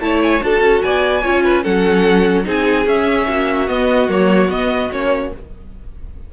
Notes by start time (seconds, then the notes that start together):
0.00 A3 E4 C#5 A5
0.23 G#5
0.40 D4 F#4 A4 A5
0.61 C#4
0.82 B3 D5 G#5
1.22 C#4 F4 C#5
1.44 B4
1.63 F#3 C#4 A4 F#5
2.44 C4 D#4 G#4 G#5
2.86 C#4 E5
3.28 A#3 F#4
3.67 B3 D#5
4.09 F#3 A#3 C#5
4.48 B3 D#5
4.91 A#3 C#4 C#5